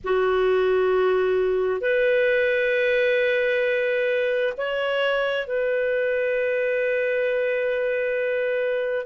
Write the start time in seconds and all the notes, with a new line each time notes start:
0.04 F#4
1.81 B4
4.57 C#5
5.47 B4